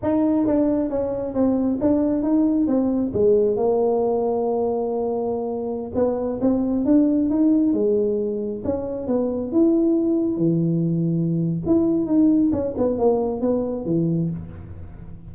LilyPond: \new Staff \with { instrumentName = "tuba" } { \time 4/4 \tempo 4 = 134 dis'4 d'4 cis'4 c'4 | d'4 dis'4 c'4 gis4 | ais1~ | ais4~ ais16 b4 c'4 d'8.~ |
d'16 dis'4 gis2 cis'8.~ | cis'16 b4 e'2 e8.~ | e2 e'4 dis'4 | cis'8 b8 ais4 b4 e4 | }